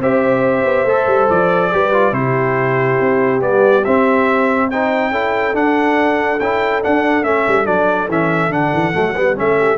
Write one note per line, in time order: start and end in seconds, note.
0.00 0.64 C4
0.00 0.88 G4
0.00 1.72 C5
0.00 1.29 E5
0.65 0.85 B3
0.85 1.06 A3
0.85 1.73 A4
1.07 1.29 G3
1.29 1.73 F3
1.29 2.14 D5
1.73 2.12 G3
1.73 1.93 G4
1.73 2.16 B4
1.93 2.13 F4
2.12 2.97 C3
2.12 3.40 E4
2.12 4.70 G4
2.12 3.41 C5
3.00 3.42 C4
3.40 3.85 G3
3.40 3.83 B3
3.40 3.85 D5
3.85 4.72 C4
3.85 5.11 C4
3.85 4.70 E5
4.70 5.13 D#4
4.70 5.12 C5
4.70 5.56 G5
5.11 5.53 C#4
5.11 5.54 E4
5.11 9.58 A4
5.54 6.39 D4
5.54 6.40 F#5
6.40 6.83 C#4
6.40 6.83 E4
6.40 6.83 G5
6.83 7.23 D4
6.83 7.24 F#5
7.23 7.44 A3
7.23 7.65 C#4
7.23 7.66 E5
7.48 7.67 G3
7.65 8.08 F#3
7.65 8.08 D4
7.65 8.09 D5
8.08 8.49 E3
8.08 8.51 C#4
8.08 8.53 E5
8.49 8.70 D3
8.49 8.93 D4
8.49 9.38 F#5
8.73 8.95 E3
8.93 9.17 F#3
8.93 9.15 A3
9.17 9.39 G3
9.17 9.35 B3
9.35 9.78 A3
9.35 9.78 C#4
9.35 9.78 E5
9.58 9.78 G4